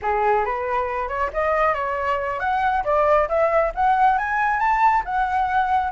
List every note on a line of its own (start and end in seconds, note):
0.01 0.45 G#4
0.45 1.08 B4
1.08 1.30 C#5
1.33 1.74 D#5
1.74 2.39 C#5
2.39 2.83 F#5
2.84 3.28 D5
3.28 3.72 E5
3.74 4.18 F#5
4.18 4.59 G#5
4.59 5.03 A5
5.05 5.91 F#5